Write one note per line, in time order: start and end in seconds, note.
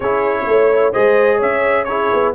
0.00 0.46 C#4
0.00 0.93 E4
0.00 0.43 G#4
0.00 0.92 C#5
0.46 0.93 A3
0.46 0.92 C#5
0.92 1.41 G#3
0.92 1.86 G#4
0.92 1.36 C5
0.92 1.39 D#5
1.36 2.11 C#4
1.36 1.83 C#5
1.36 1.84 E5
1.84 2.34 E4
1.84 2.34 G#4
1.84 2.31 C#5
2.12 2.34 B3